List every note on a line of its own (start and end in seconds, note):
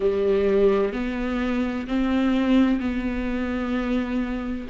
0.00 0.92 G3
0.92 1.86 B3
1.87 2.80 C4
2.80 4.67 B3